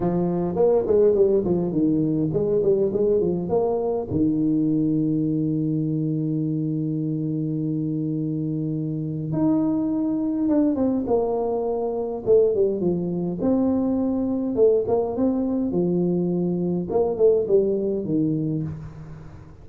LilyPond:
\new Staff \with { instrumentName = "tuba" } { \time 4/4 \tempo 4 = 103 f4 ais8 gis8 g8 f8 dis4 | gis8 g8 gis8 f8 ais4 dis4~ | dis1~ | dis1 |
dis'2 d'8 c'8 ais4~ | ais4 a8 g8 f4 c'4~ | c'4 a8 ais8 c'4 f4~ | f4 ais8 a8 g4 dis4 | }